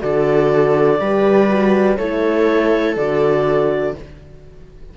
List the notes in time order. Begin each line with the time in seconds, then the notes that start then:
0.00 D3 F#4 A4 D5
0.99 G3 G4 B4
1.49 F#4
1.97 A3 E4 A4 C#5
2.97 D3 F#4 D5